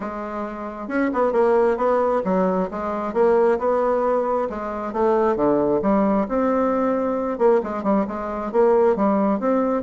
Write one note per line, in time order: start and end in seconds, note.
0.00 0.87 G#3
0.88 1.10 C#4
1.13 1.32 B3
1.32 1.77 A#3
1.77 2.22 B3
2.24 2.69 F#3
2.70 3.13 G#3
3.13 3.58 A#3
3.58 4.48 B3
4.49 4.93 G#3
4.93 5.35 A3
5.35 5.80 D3
5.82 6.26 G3
6.28 7.38 C4
7.38 7.61 A#3
7.63 7.83 G#3
7.83 8.05 G3
8.07 8.52 G#3
8.52 8.96 A#3
8.96 9.39 G3
9.39 9.82 C4